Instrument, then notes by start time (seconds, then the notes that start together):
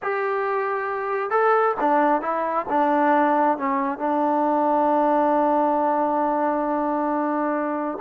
trombone
0.02 G4
1.30 A4
1.80 D4
2.21 E4
2.69 D4
3.57 C#4
3.98 D4